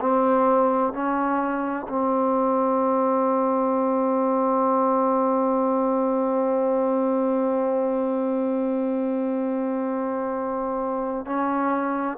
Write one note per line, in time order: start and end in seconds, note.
0.00 0.93 C4
0.93 1.87 C#4
1.89 11.26 C4
11.26 12.17 C#4